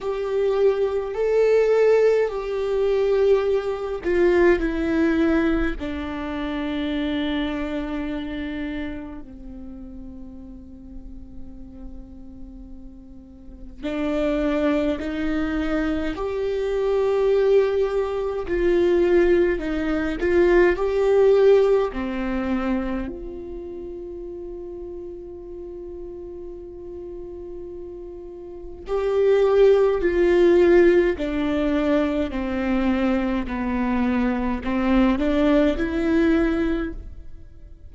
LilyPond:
\new Staff \with { instrumentName = "viola" } { \time 4/4 \tempo 4 = 52 g'4 a'4 g'4. f'8 | e'4 d'2. | c'1 | d'4 dis'4 g'2 |
f'4 dis'8 f'8 g'4 c'4 | f'1~ | f'4 g'4 f'4 d'4 | c'4 b4 c'8 d'8 e'4 | }